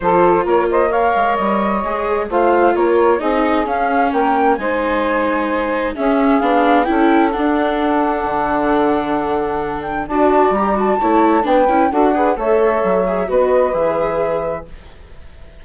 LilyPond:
<<
  \new Staff \with { instrumentName = "flute" } { \time 4/4 \tempo 4 = 131 c''4 cis''8 dis''8 f''4 dis''4~ | dis''4 f''4 cis''4 dis''4 | f''4 g''4 gis''2~ | gis''4 e''4 f''4 g''4 |
fis''1~ | fis''4. g''8 a''4 ais''8 a''8~ | a''4 g''4 fis''4 e''4~ | e''4 dis''4 e''2 | }
  \new Staff \with { instrumentName = "saxophone" } { \time 4/4 a'4 ais'8 c''8 cis''2~ | cis''4 c''4 ais'4 gis'4~ | gis'4 ais'4 c''2~ | c''4 gis'2 a'4~ |
a'1~ | a'2 d''2 | cis''4 b'4 a'8 b'8 cis''4~ | cis''4 b'2. | }
  \new Staff \with { instrumentName = "viola" } { \time 4/4 f'2 ais'2 | gis'4 f'2 dis'4 | cis'2 dis'2~ | dis'4 cis'4 d'4 e'4 |
d'1~ | d'2 fis'4 g'8 fis'8 | e'4 d'8 e'8 fis'8 gis'8 a'4~ | a'8 gis'8 fis'4 gis'2 | }
  \new Staff \with { instrumentName = "bassoon" } { \time 4/4 f4 ais4. gis8 g4 | gis4 a4 ais4 c'4 | cis'4 ais4 gis2~ | gis4 cis'4 b4 cis'4 |
d'2 d2~ | d2 d'4 g4 | a4 b8 cis'8 d'4 a4 | fis4 b4 e2 | }
>>